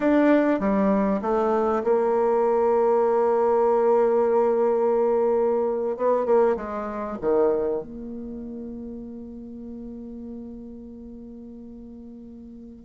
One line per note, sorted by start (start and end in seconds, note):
0.00 0.59 D4
0.59 1.20 G3
1.21 1.82 A3
1.83 5.97 A#3
5.97 6.25 B3
6.25 6.56 A#3
6.56 7.17 G#3
7.21 7.82 D#3
7.82 12.84 A#3